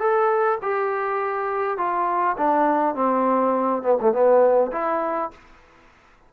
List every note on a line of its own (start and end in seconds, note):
0.00 0.59 A4
0.63 1.78 G4
1.78 2.37 F4
2.38 2.95 D4
2.95 3.83 C4
3.83 3.98 B3
4.01 4.13 A3
4.13 4.72 B3
4.72 5.31 E4